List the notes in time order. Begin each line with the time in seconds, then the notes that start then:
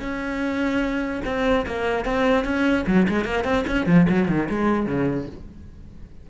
0.00 C#4
1.25 C4
1.66 A#3
2.05 C4
2.45 C#4
2.87 F#3
3.09 G#3
3.25 A#3
3.44 C4
3.67 C#4
3.87 F3
4.09 F#3
4.29 D#3
4.50 G#3
4.86 C#3